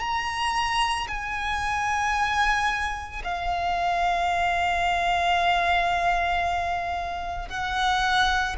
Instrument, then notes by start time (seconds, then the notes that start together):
violin
0.00 A#5
1.08 G#5
3.24 F5
7.49 F#5